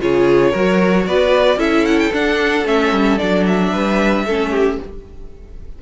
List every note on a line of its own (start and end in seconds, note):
0.00 0.53 C#3
0.00 0.53 F4
0.00 0.50 G#4
0.00 1.07 C#5
0.50 1.07 F#3
0.50 1.58 F#4
0.50 1.03 A#4
1.07 1.56 B3
1.07 1.58 B4
1.07 1.59 D5
1.56 2.09 C#4
1.56 2.11 E4
1.56 3.70 A4
1.56 1.86 E5
1.86 1.99 F#5
1.99 2.12 G5
2.12 2.65 D4
2.12 2.67 F#5
2.65 2.92 A3
2.65 3.18 C#4
2.65 3.18 E5
2.92 3.18 G3
3.18 3.73 F#3
3.18 4.26 D4
3.18 3.44 D5
3.46 4.79 E5
3.72 4.25 G3
3.72 4.25 B4
4.25 4.78 A3
4.25 4.82 C#4
4.25 4.51 A4
4.51 4.77 G4